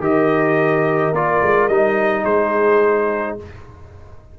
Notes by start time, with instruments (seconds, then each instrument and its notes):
0.00 tuba D#3, trombone G4, horn A#4, trumpet D#5
1.13 tuba A#3, trombone F4, trumpet D5
1.43 tuba G#3
1.68 tuba G3, trombone D#4, trumpet D#5
2.25 tuba G#3, horn G#4, trumpet C5